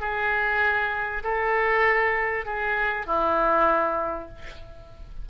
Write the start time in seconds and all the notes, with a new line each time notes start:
0.00 G#4
1.23 A4
2.45 G#4
3.06 E4